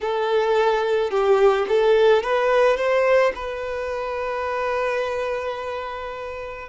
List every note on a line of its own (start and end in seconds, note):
0.01 1.10 A4
1.10 1.66 G4
1.68 2.22 A4
2.22 2.76 B4
2.76 3.32 C5
3.35 6.68 B4